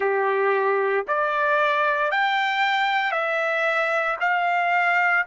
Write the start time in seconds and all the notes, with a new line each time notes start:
0.00 G4
1.07 D5
2.11 G5
3.11 E5
4.20 F5